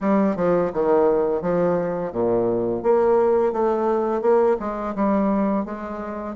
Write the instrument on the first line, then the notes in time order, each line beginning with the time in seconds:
bassoon
0.00 G3
0.36 F3
0.73 D#3
1.41 F3
2.12 A#2
2.82 A#3
3.52 A3
4.21 A#3
4.59 G#3
4.95 G3
5.65 G#3